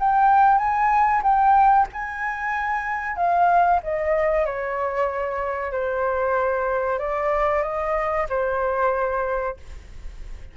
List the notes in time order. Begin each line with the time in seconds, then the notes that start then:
0.00 G5
0.58 G#5
1.23 G5
1.93 G#5
3.17 F5
3.84 D#5
4.46 C#5
5.72 C5
6.99 D5
7.63 D#5
8.29 C5